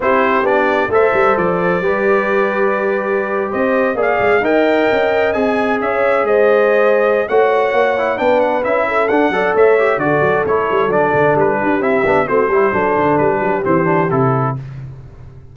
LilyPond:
<<
  \new Staff \with { instrumentName = "trumpet" } { \time 4/4 \tempo 4 = 132 c''4 d''4 e''4 d''4~ | d''2.~ d''8. dis''16~ | dis''8. f''4 g''2 gis''16~ | gis''8. e''4 dis''2~ dis''16 |
fis''2 g''8 fis''8 e''4 | fis''4 e''4 d''4 cis''4 | d''4 b'4 e''4 c''4~ | c''4 b'4 c''4 a'4 | }
  \new Staff \with { instrumentName = "horn" } { \time 4/4 g'2 c''2 | b'2.~ b'8. c''16~ | c''8. d''4 dis''2~ dis''16~ | dis''8. cis''4 c''2~ c''16 |
cis''2 b'4. a'8~ | a'8 d''8 cis''4 a'2~ | a'4. g'4. fis'8 g'8 | a'4. g'2~ g'8 | }
  \new Staff \with { instrumentName = "trombone" } { \time 4/4 e'4 d'4 a'2 | g'1~ | g'8. gis'4 ais'2 gis'16~ | gis'1 |
fis'4. e'8 d'4 e'4 | d'8 a'4 g'8 fis'4 e'4 | d'2 e'8 d'8 c'8 e'8 | d'2 c'8 d'8 e'4 | }
  \new Staff \with { instrumentName = "tuba" } { \time 4/4 c'4 b4 a8 g8 f4 | g2.~ g8. c'16~ | c'8. ais8 gis8 dis'4 cis'4 c'16~ | c'8. cis'4 gis2~ gis16 |
a4 ais4 b4 cis'4 | d'8 fis8 a4 d8 fis8 a8 g8 | fis8 d8 g8 d'8 c'8 b8 a8 g8 | fis8 d8 g8 fis8 e4 c4 | }
>>